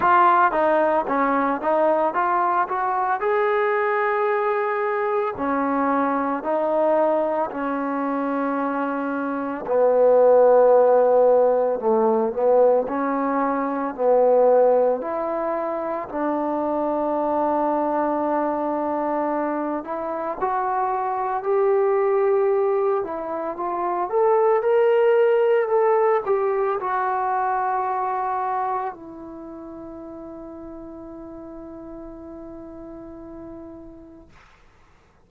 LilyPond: \new Staff \with { instrumentName = "trombone" } { \time 4/4 \tempo 4 = 56 f'8 dis'8 cis'8 dis'8 f'8 fis'8 gis'4~ | gis'4 cis'4 dis'4 cis'4~ | cis'4 b2 a8 b8 | cis'4 b4 e'4 d'4~ |
d'2~ d'8 e'8 fis'4 | g'4. e'8 f'8 a'8 ais'4 | a'8 g'8 fis'2 e'4~ | e'1 | }